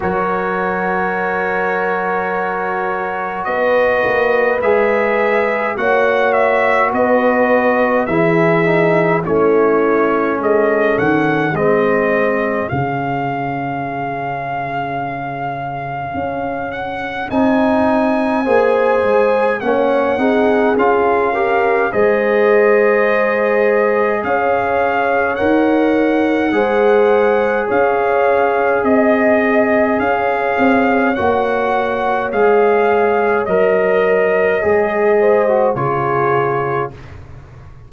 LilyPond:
<<
  \new Staff \with { instrumentName = "trumpet" } { \time 4/4 \tempo 4 = 52 cis''2. dis''4 | e''4 fis''8 e''8 dis''4 e''4 | cis''4 dis''8 fis''8 dis''4 f''4~ | f''2~ f''8 fis''8 gis''4~ |
gis''4 fis''4 f''4 dis''4~ | dis''4 f''4 fis''2 | f''4 dis''4 f''4 fis''4 | f''4 dis''2 cis''4 | }
  \new Staff \with { instrumentName = "horn" } { \time 4/4 ais'2. b'4~ | b'4 cis''4 b'4 gis'4 | e'4 a'4 gis'2~ | gis'1 |
c''4 cis''8 gis'4 ais'8 c''4~ | c''4 cis''2 c''4 | cis''4 dis''4 cis''2~ | cis''2~ cis''8 c''8 gis'4 | }
  \new Staff \with { instrumentName = "trombone" } { \time 4/4 fis'1 | gis'4 fis'2 e'8 dis'8 | cis'2 c'4 cis'4~ | cis'2. dis'4 |
gis'4 cis'8 dis'8 f'8 g'8 gis'4~ | gis'2 ais'4 gis'4~ | gis'2. fis'4 | gis'4 ais'4 gis'8. fis'16 f'4 | }
  \new Staff \with { instrumentName = "tuba" } { \time 4/4 fis2. b8 ais8 | gis4 ais4 b4 e4 | a4 gis8 dis8 gis4 cis4~ | cis2 cis'4 c'4 |
ais8 gis8 ais8 c'8 cis'4 gis4~ | gis4 cis'4 dis'4 gis4 | cis'4 c'4 cis'8 c'8 ais4 | gis4 fis4 gis4 cis4 | }
>>